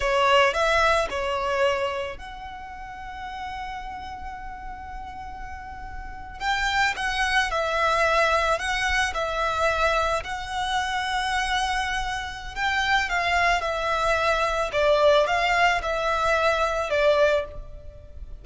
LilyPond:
\new Staff \with { instrumentName = "violin" } { \time 4/4 \tempo 4 = 110 cis''4 e''4 cis''2 | fis''1~ | fis''2.~ fis''8. g''16~ | g''8. fis''4 e''2 fis''16~ |
fis''8. e''2 fis''4~ fis''16~ | fis''2. g''4 | f''4 e''2 d''4 | f''4 e''2 d''4 | }